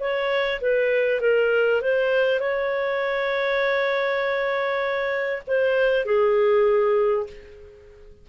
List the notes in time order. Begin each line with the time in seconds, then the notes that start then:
0.00 C#5
0.62 B4
1.21 A#4
1.82 C5
2.40 C#5
5.48 C5
6.06 G#4